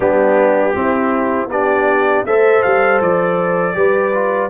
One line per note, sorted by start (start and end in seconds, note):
0.00 0.75 G3
0.00 0.74 B3
0.00 0.74 D4
0.00 1.49 G4
0.74 1.49 C4
0.74 1.48 C4
0.74 1.50 E4
1.48 2.23 B3
1.48 2.27 D4
1.48 2.25 G4
1.48 2.25 D5
2.25 2.63 A3
2.25 3.74 A4
2.25 3.77 C5
2.25 2.62 E5
2.62 3.00 G3
2.62 3.00 F5
3.00 3.75 F3
3.00 4.49 D5
3.74 4.49 G3
3.74 4.11 G4
3.74 4.49 B4
4.14 4.49 F4